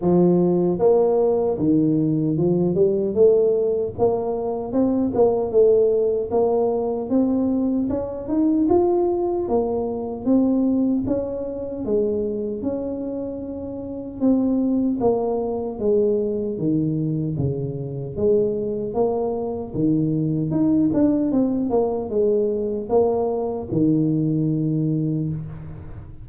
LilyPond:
\new Staff \with { instrumentName = "tuba" } { \time 4/4 \tempo 4 = 76 f4 ais4 dis4 f8 g8 | a4 ais4 c'8 ais8 a4 | ais4 c'4 cis'8 dis'8 f'4 | ais4 c'4 cis'4 gis4 |
cis'2 c'4 ais4 | gis4 dis4 cis4 gis4 | ais4 dis4 dis'8 d'8 c'8 ais8 | gis4 ais4 dis2 | }